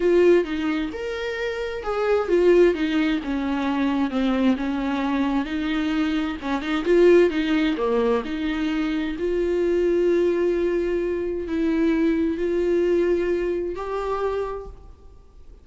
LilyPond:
\new Staff \with { instrumentName = "viola" } { \time 4/4 \tempo 4 = 131 f'4 dis'4 ais'2 | gis'4 f'4 dis'4 cis'4~ | cis'4 c'4 cis'2 | dis'2 cis'8 dis'8 f'4 |
dis'4 ais4 dis'2 | f'1~ | f'4 e'2 f'4~ | f'2 g'2 | }